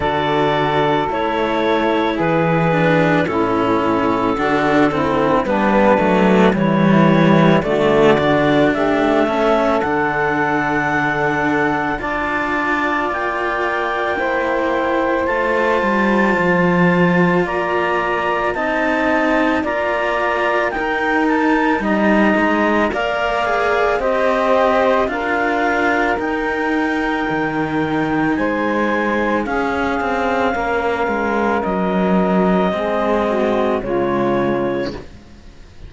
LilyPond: <<
  \new Staff \with { instrumentName = "clarinet" } { \time 4/4 \tempo 4 = 55 d''4 cis''4 b'4 a'4~ | a'4 b'4 cis''4 d''4 | e''4 fis''2 a''4 | g''2 a''2 |
ais''4 a''4 ais''4 g''8 a''8 | ais''4 f''4 dis''4 f''4 | g''2 gis''4 f''4~ | f''4 dis''2 cis''4 | }
  \new Staff \with { instrumentName = "saxophone" } { \time 4/4 a'2 gis'4 e'4 | fis'8 e'8 d'4 e'4 fis'4 | g'8 a'2~ a'8 d''4~ | d''4 c''2. |
d''4 dis''4 d''4 ais'4 | dis''4 d''4 c''4 ais'4~ | ais'2 c''4 gis'4 | ais'2 gis'8 fis'8 f'4 | }
  \new Staff \with { instrumentName = "cello" } { \time 4/4 fis'4 e'4. d'8 cis'4 | d'8 c'8 b8 a8 g4 a8 d'8~ | d'8 cis'8 d'2 f'4~ | f'4 e'4 f'2~ |
f'4 dis'4 f'4 dis'4~ | dis'4 ais'8 gis'8 g'4 f'4 | dis'2. cis'4~ | cis'2 c'4 gis4 | }
  \new Staff \with { instrumentName = "cello" } { \time 4/4 d4 a4 e4 a,4 | d4 g8 fis8 e4 d4 | a4 d2 d'4 | ais2 a8 g8 f4 |
ais4 c'4 ais4 dis'4 | g8 gis8 ais4 c'4 d'4 | dis'4 dis4 gis4 cis'8 c'8 | ais8 gis8 fis4 gis4 cis4 | }
>>